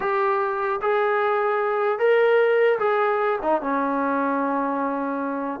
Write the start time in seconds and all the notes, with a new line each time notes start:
0.00 G4
0.81 G#4
1.98 A#4
2.79 G#4
3.42 D#4
3.61 C#4